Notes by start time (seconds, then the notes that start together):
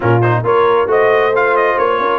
0.00 A#2 C#4 F4 A#4
0.21 D#4 C5
0.43 A#3 F4 A#4 C#5
0.86 A3 F#4 C5 D#5
1.35 F4 F5
1.56 D#5
1.77 A#3 C#5
1.99 C#4 A#4